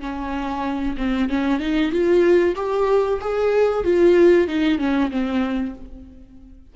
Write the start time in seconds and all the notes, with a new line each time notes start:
0.00 C#4
0.97 C4
1.29 C#4
1.59 D#4
1.91 F4
2.56 G4
3.21 G#4
3.84 F4
4.47 D#4
4.78 C#4
5.11 C4